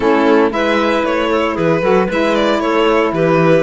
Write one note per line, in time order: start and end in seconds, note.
0.00 0.50 A3
0.00 0.49 C#4
0.00 0.52 E4
0.00 0.52 A4
0.49 1.03 G#3
0.49 1.80 E4
0.49 1.30 B4
0.49 1.05 E5
1.04 1.56 A3
1.04 1.56 C#5
1.30 1.54 A4
1.54 1.82 E3
1.54 1.80 G#4
1.54 2.08 B4
1.81 2.08 F#3
1.81 2.08 F#4
1.81 2.06 A4
2.06 2.59 G#3
2.06 3.62 E4
2.06 2.58 B4
2.12 2.35 E5
2.35 2.60 D5
2.59 3.11 A3
2.59 3.13 A4
2.59 3.12 C#5
3.12 3.62 E3
3.12 3.62 G4
3.12 3.62 B4